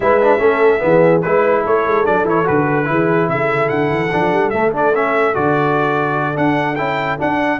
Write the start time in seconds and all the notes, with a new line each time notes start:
0.00 G#3 E4 B4 E5
0.21 D4
0.38 A3 C#4 A4
0.79 E3 B3
0.85 G#4
1.21 G#3 E4 B4
1.62 A3 A4 C#5
1.85 G#3
2.04 F#3 D4 D5
2.24 E3 E4 C#5
2.44 D3 F#4 B4
2.85 E3 E4 G#4
3.28 C#3 A4 E5
3.68 D3 F#5
3.90 E3
4.11 F3 D4
4.32 G3
4.50 A3 E5
4.72 D4 D5
4.94 C#4 E5
5.34 D3 F#4 D5
6.34 D4 F#5
6.75 C#4 E4 G5
7.18 D4 F#5